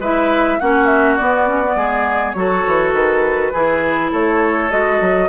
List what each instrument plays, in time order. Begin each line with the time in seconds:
0.00 bassoon G#3, clarinet E4, oboe B4, flute E5
0.60 bassoon A#3, clarinet C#4, oboe F#4, flute F#5
0.86 flute E5
1.16 clarinet B3, bassoon B3, flute D5
1.48 clarinet C#4
1.64 clarinet B3
1.76 bassoon G#3, oboe G#4
2.33 bassoon F#3, clarinet F#4, flute C#5
2.39 oboe A4
2.68 bassoon E3
2.94 bassoon D#3, flute B4
3.53 bassoon E3, clarinet E4, oboe G#4
4.12 bassoon A3, oboe A4, flute C#5
4.70 bassoon G#3, clarinet F#4, flute D#5
5.01 bassoon F#3